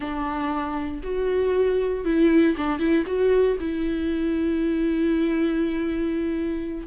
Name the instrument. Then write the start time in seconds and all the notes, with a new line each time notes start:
viola
0.00 D4
1.03 F#4
2.04 E4
2.57 D4
2.79 E4
3.06 F#4
3.60 E4